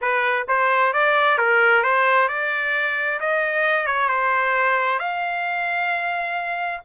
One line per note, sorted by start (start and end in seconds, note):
0.01 0.46 B4
0.48 0.93 C5
0.93 1.38 D5
1.38 1.83 A#4
1.83 2.28 C5
2.28 3.19 D5
3.20 3.86 D#5
3.86 4.08 C#5
4.08 4.99 C5
4.99 6.81 F5